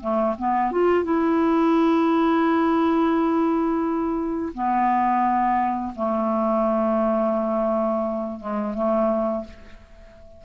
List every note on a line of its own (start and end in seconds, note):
0.00 0.35 A3
0.38 0.71 B3
0.71 1.04 F4
1.04 4.53 E4
4.54 5.94 B3
5.96 8.40 A3
8.40 8.74 G#3
8.74 9.44 A3